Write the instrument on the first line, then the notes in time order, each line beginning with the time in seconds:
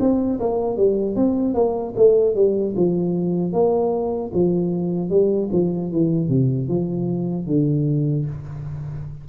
tuba
0.00 C4
0.40 A#3
0.77 G3
1.16 C4
1.54 A#3
1.96 A3
2.35 G3
2.76 F3
3.53 A#3
4.33 F3
5.10 G3
5.52 F3
5.92 E3
6.29 C3
6.68 F3
7.47 D3